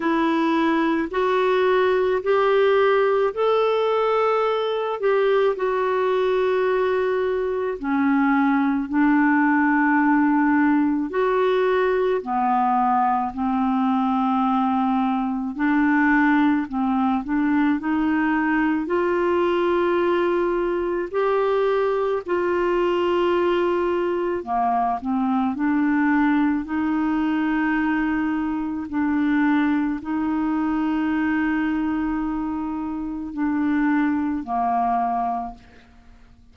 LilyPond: \new Staff \with { instrumentName = "clarinet" } { \time 4/4 \tempo 4 = 54 e'4 fis'4 g'4 a'4~ | a'8 g'8 fis'2 cis'4 | d'2 fis'4 b4 | c'2 d'4 c'8 d'8 |
dis'4 f'2 g'4 | f'2 ais8 c'8 d'4 | dis'2 d'4 dis'4~ | dis'2 d'4 ais4 | }